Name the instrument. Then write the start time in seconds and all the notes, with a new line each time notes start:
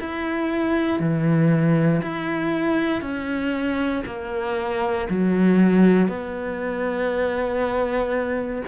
cello
0.00 E4
1.00 E3
2.02 E4
3.01 C#4
4.06 A#3
5.09 F#3
6.08 B3